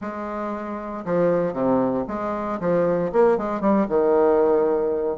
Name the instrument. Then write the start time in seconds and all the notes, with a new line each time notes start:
bassoon
0.01 G#3
1.05 F3
1.53 C3
2.07 G#3
2.60 F3
3.12 A#3
3.37 G#3
3.60 G3
3.89 D#3